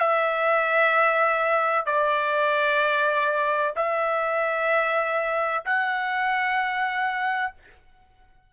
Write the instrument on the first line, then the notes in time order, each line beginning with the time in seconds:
trumpet
0.00 E5
1.86 D5
3.77 E5
5.66 F#5